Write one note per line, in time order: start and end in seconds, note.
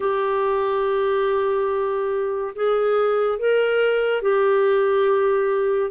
0.00 2.54 G4
2.55 3.38 G#4
3.38 4.21 A#4
4.21 5.90 G4